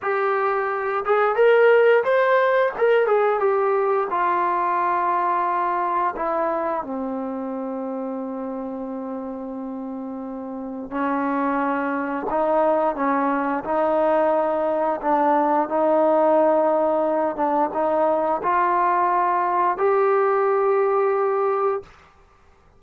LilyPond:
\new Staff \with { instrumentName = "trombone" } { \time 4/4 \tempo 4 = 88 g'4. gis'8 ais'4 c''4 | ais'8 gis'8 g'4 f'2~ | f'4 e'4 c'2~ | c'1 |
cis'2 dis'4 cis'4 | dis'2 d'4 dis'4~ | dis'4. d'8 dis'4 f'4~ | f'4 g'2. | }